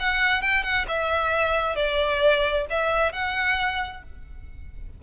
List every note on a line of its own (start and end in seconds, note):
0.00 0.42 F#5
0.42 0.64 G5
0.64 0.86 F#5
0.88 1.76 E5
1.76 2.66 D5
2.70 3.13 E5
3.13 4.03 F#5